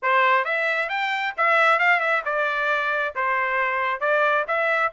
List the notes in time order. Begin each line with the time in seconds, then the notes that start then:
0.02 C5
0.45 E5
0.89 G5
1.37 E5
1.79 F5
2.00 E5
2.25 D5
3.15 C5
4.00 D5
4.47 E5